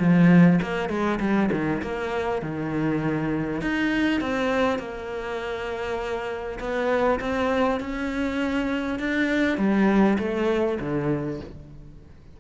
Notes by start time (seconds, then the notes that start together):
0.00 F3
0.62 A#3
0.90 G#3
1.20 G3
1.52 D#3
1.82 A#3
2.42 D#3
3.62 D#4
4.21 C4
4.79 A#3
6.60 B3
7.21 C4
7.81 C#4
9.00 D4
9.58 G3
10.19 A3
10.81 D3